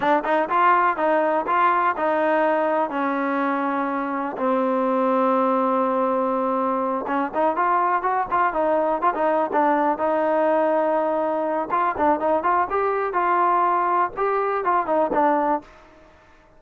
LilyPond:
\new Staff \with { instrumentName = "trombone" } { \time 4/4 \tempo 4 = 123 d'8 dis'8 f'4 dis'4 f'4 | dis'2 cis'2~ | cis'4 c'2.~ | c'2~ c'8 cis'8 dis'8 f'8~ |
f'8 fis'8 f'8 dis'4 f'16 dis'8. d'8~ | d'8 dis'2.~ dis'8 | f'8 d'8 dis'8 f'8 g'4 f'4~ | f'4 g'4 f'8 dis'8 d'4 | }